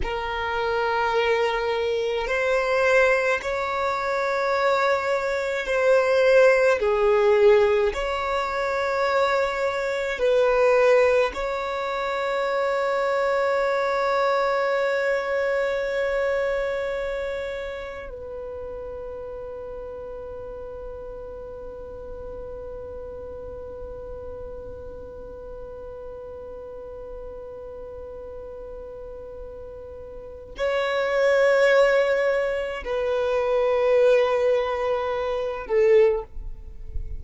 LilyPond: \new Staff \with { instrumentName = "violin" } { \time 4/4 \tempo 4 = 53 ais'2 c''4 cis''4~ | cis''4 c''4 gis'4 cis''4~ | cis''4 b'4 cis''2~ | cis''1 |
b'1~ | b'1~ | b'2. cis''4~ | cis''4 b'2~ b'8 a'8 | }